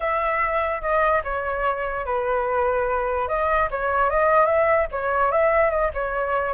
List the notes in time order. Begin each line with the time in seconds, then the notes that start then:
0.00 E5
0.81 D#5
1.24 C#5
2.05 B4
3.28 D#5
3.70 C#5
4.09 D#5
4.45 E5
4.91 C#5
5.31 E5
5.70 D#5
5.94 C#5